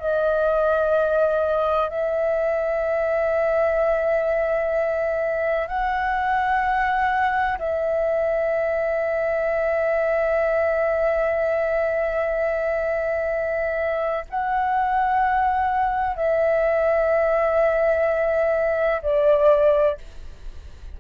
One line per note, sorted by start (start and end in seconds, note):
0.00 1.90 D#5
1.90 5.68 E5
5.68 7.58 F#5
7.59 14.26 E5
14.30 16.16 F#5
16.16 19.02 E5
19.03 19.98 D5